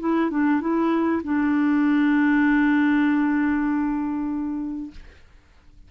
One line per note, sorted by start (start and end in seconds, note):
0.00 0.31 E4
0.31 0.61 D4
0.61 1.22 E4
1.24 4.91 D4